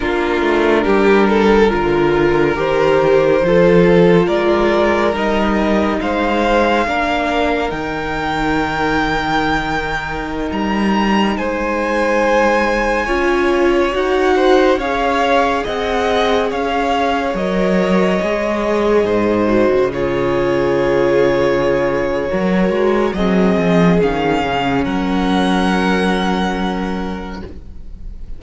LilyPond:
<<
  \new Staff \with { instrumentName = "violin" } { \time 4/4 \tempo 4 = 70 ais'2. c''4~ | c''4 d''4 dis''4 f''4~ | f''4 g''2.~ | g''16 ais''4 gis''2~ gis''8.~ |
gis''16 fis''4 f''4 fis''4 f''8.~ | f''16 dis''2. cis''8.~ | cis''2. dis''4 | f''4 fis''2. | }
  \new Staff \with { instrumentName = "violin" } { \time 4/4 f'4 g'8 a'8 ais'2 | a'4 ais'2 c''4 | ais'1~ | ais'4~ ais'16 c''2 cis''8.~ |
cis''8. c''8 cis''4 dis''4 cis''8.~ | cis''2~ cis''16 c''4 gis'8.~ | gis'2 ais'4 gis'4~ | gis'4 ais'2. | }
  \new Staff \with { instrumentName = "viola" } { \time 4/4 d'2 f'4 g'4 | f'2 dis'2 | d'4 dis'2.~ | dis'2.~ dis'16 f'8.~ |
f'16 fis'4 gis'2~ gis'8.~ | gis'16 ais'4 gis'4. fis'8 f'8.~ | f'2 fis'4 c'4 | cis'1 | }
  \new Staff \with { instrumentName = "cello" } { \time 4/4 ais8 a8 g4 d4 dis4 | f4 gis4 g4 gis4 | ais4 dis2.~ | dis16 g4 gis2 cis'8.~ |
cis'16 dis'4 cis'4 c'4 cis'8.~ | cis'16 fis4 gis4 gis,8. cis4~ | cis2 fis8 gis8 fis8 f8 | dis8 cis8 fis2. | }
>>